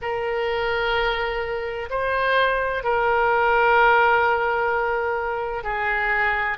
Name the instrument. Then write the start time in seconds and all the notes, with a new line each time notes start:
oboe
0.01 A#4
1.90 C5
2.83 A#4
5.63 G#4